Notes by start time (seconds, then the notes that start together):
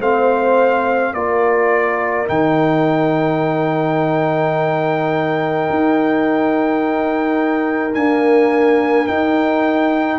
0.00 A3 C4 C5 F5
1.14 A#3 F4 A#4 D5
2.26 D#3 D#4 G5
5.70 D#4
7.95 A#3 D4 G#5
9.07 D#4 G5